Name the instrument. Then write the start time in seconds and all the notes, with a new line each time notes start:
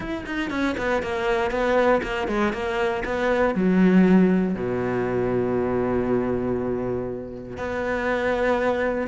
cello
0.00 E4
0.26 D#4
0.50 C#4
0.77 B3
1.02 A#3
1.51 B3
2.02 A#3
2.27 G#3
2.53 A#3
3.05 B3
3.55 F#3
4.54 B2
7.57 B3